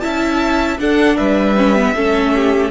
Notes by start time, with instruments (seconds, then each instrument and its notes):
0.00 cello C#4, viola E4, violin E5 A5
0.78 cello D4, viola D4, violin A4 F#5
1.17 cello G3, violin B4 E5
1.56 viola C#4
1.75 viola B3
1.94 cello A3, viola C#4, violin A4
2.34 violin G4